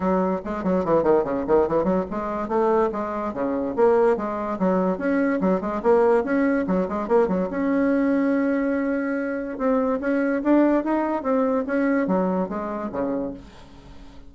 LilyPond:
\new Staff \with { instrumentName = "bassoon" } { \time 4/4 \tempo 4 = 144 fis4 gis8 fis8 e8 dis8 cis8 dis8 | e8 fis8 gis4 a4 gis4 | cis4 ais4 gis4 fis4 | cis'4 fis8 gis8 ais4 cis'4 |
fis8 gis8 ais8 fis8 cis'2~ | cis'2. c'4 | cis'4 d'4 dis'4 c'4 | cis'4 fis4 gis4 cis4 | }